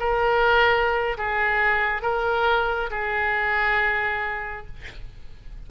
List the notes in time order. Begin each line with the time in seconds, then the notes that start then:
0.00 A#4
1.18 G#4
2.02 A#4
2.91 G#4